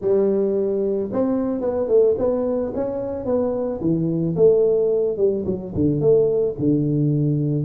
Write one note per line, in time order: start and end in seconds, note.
0.01 1.10 G3
1.12 1.61 C4
1.61 1.88 B3
1.88 2.15 A3
2.18 2.72 B3
2.74 3.25 C#4
3.25 3.79 B3
3.80 4.35 E3
4.35 5.17 A3
5.17 5.44 G3
5.45 5.73 F#3
5.74 6.00 D3
6.00 6.55 A3
6.58 7.64 D3